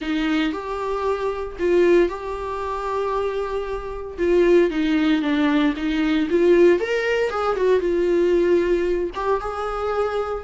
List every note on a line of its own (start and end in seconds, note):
0.01 0.52 D#4
0.52 1.57 G4
1.59 2.09 F4
2.09 4.17 G4
4.18 4.70 F4
4.70 5.22 D#4
5.22 5.74 D4
5.76 6.28 D#4
6.29 6.79 F4
6.79 7.30 A#4
7.30 7.56 G#4
7.56 7.80 F#4
7.80 9.10 F4
9.14 9.40 G4
9.40 10.43 G#4